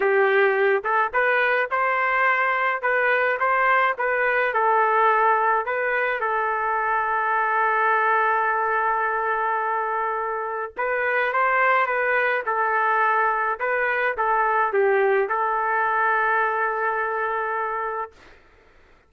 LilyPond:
\new Staff \with { instrumentName = "trumpet" } { \time 4/4 \tempo 4 = 106 g'4. a'8 b'4 c''4~ | c''4 b'4 c''4 b'4 | a'2 b'4 a'4~ | a'1~ |
a'2. b'4 | c''4 b'4 a'2 | b'4 a'4 g'4 a'4~ | a'1 | }